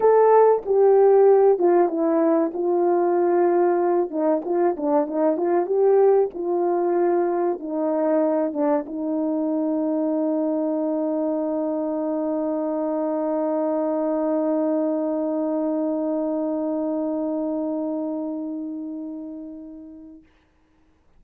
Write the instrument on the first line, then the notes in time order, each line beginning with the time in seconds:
horn
0.00 A4
0.65 G4
1.58 F4
1.88 E4
2.53 F4
4.10 D#4
4.44 F4
4.77 D4
5.06 D#4
5.37 F4
5.66 G4
6.33 F4
7.59 D#4
8.53 D4
8.86 D#4